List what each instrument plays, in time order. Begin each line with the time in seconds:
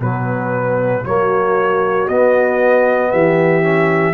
0.00 tuba B2, trombone F#3, horn B3, trumpet B4
1.05 tuba F#3, trombone A#3, horn F#4, trumpet C#5
2.08 tuba B3, trombone B3, trumpet D#5
3.11 tuba E3, horn G4, trumpet E5
3.62 trombone C#4